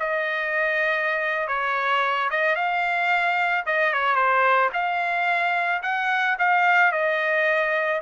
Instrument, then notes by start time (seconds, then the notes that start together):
trumpet
0.00 D#5
1.48 C#5
2.31 D#5
2.56 F5
3.66 D#5
3.94 C#5
4.16 C5
4.74 F5
5.83 F#5
6.39 F5
6.92 D#5